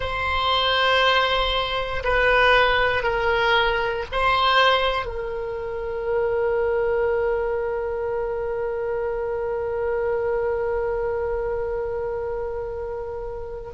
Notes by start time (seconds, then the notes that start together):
0.00 C5
2.03 B4
3.03 A#4
4.11 C5
5.05 A#4